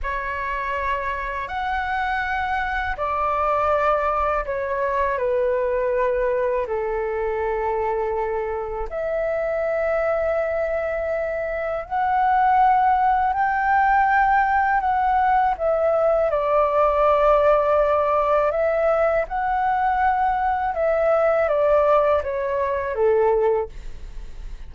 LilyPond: \new Staff \with { instrumentName = "flute" } { \time 4/4 \tempo 4 = 81 cis''2 fis''2 | d''2 cis''4 b'4~ | b'4 a'2. | e''1 |
fis''2 g''2 | fis''4 e''4 d''2~ | d''4 e''4 fis''2 | e''4 d''4 cis''4 a'4 | }